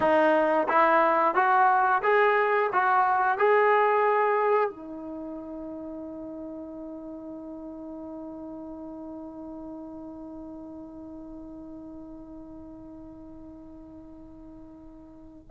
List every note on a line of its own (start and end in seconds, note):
0.00 0.67 D#4
0.68 1.34 E4
1.34 2.02 F#4
2.02 2.70 G#4
2.72 3.38 F#4
3.38 4.70 G#4
4.70 15.48 D#4